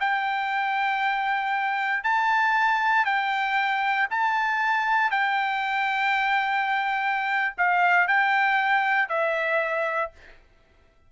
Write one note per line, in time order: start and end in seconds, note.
0.00 2.04 G5
2.04 3.05 A5
3.05 4.08 G5
4.11 5.11 A5
5.11 7.55 G5
7.58 8.08 F5
8.08 9.09 G5
9.09 10.12 E5